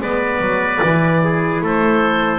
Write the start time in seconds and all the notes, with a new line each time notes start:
0.00 G#3 B3 B4 D5
0.40 F#3
0.83 E3 E4
1.24 G#4
1.62 A3 A4 C5